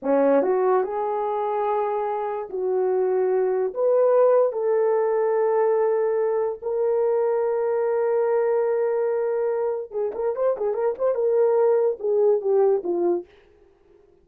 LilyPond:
\new Staff \with { instrumentName = "horn" } { \time 4/4 \tempo 4 = 145 cis'4 fis'4 gis'2~ | gis'2 fis'2~ | fis'4 b'2 a'4~ | a'1 |
ais'1~ | ais'1 | gis'8 ais'8 c''8 gis'8 ais'8 c''8 ais'4~ | ais'4 gis'4 g'4 f'4 | }